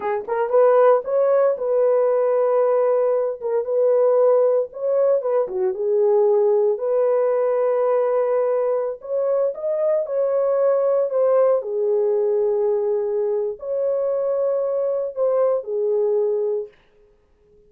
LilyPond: \new Staff \with { instrumentName = "horn" } { \time 4/4 \tempo 4 = 115 gis'8 ais'8 b'4 cis''4 b'4~ | b'2~ b'8 ais'8 b'4~ | b'4 cis''4 b'8 fis'8 gis'4~ | gis'4 b'2.~ |
b'4~ b'16 cis''4 dis''4 cis''8.~ | cis''4~ cis''16 c''4 gis'4.~ gis'16~ | gis'2 cis''2~ | cis''4 c''4 gis'2 | }